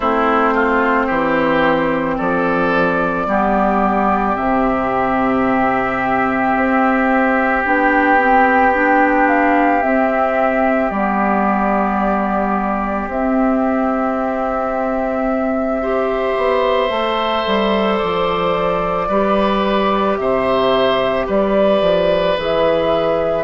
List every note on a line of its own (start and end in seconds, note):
0.00 1.07 A3
0.00 3.28 C4
0.00 0.53 E4
0.00 2.18 C5
0.53 1.06 F4
1.06 2.18 E3
1.06 2.15 G4
2.17 3.26 F3
2.17 3.26 A4
2.17 4.36 D5
3.26 4.35 G3
3.26 4.35 B3
3.26 15.82 G4
4.35 6.55 C3
4.35 7.63 C4
4.35 7.63 E5
6.55 7.65 C4
7.64 9.83 B3
7.64 8.18 D4
7.64 9.27 G5
8.18 8.72 C4
8.73 9.81 D4
9.27 9.82 F5
9.81 10.90 C4
9.81 10.90 E5
10.90 13.07 G3
10.90 13.10 B3
10.90 13.08 D5
13.07 16.34 C4
13.07 15.82 C4
13.07 17.97 E5
15.82 16.88 G4
15.82 19.08 C5
16.37 16.89 B3
16.88 17.44 A3
16.88 19.07 A4
17.46 18.00 G3
17.97 19.08 F3
17.97 20.15 D5
19.08 20.17 G3
19.08 22.37 G4
19.08 20.17 B4
20.17 21.27 C3
20.17 21.26 C5
20.17 21.26 E5
21.26 21.81 G3
21.26 23.44 B4
21.26 22.38 D5
21.81 22.36 F3
22.37 23.44 E3
22.37 23.44 G#4
22.37 23.44 E5